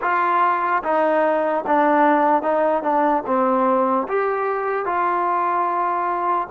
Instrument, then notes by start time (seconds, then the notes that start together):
trombone
0.01 F4
0.83 D#4
1.66 D4
2.42 D#4
2.82 D4
3.26 C4
4.08 G4
4.85 F4